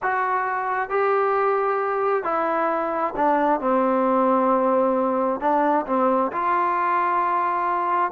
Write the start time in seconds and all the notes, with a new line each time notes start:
0.02 F#4
0.89 G4
2.23 E4
3.16 D4
3.60 C4
5.40 D4
5.86 C4
6.32 F4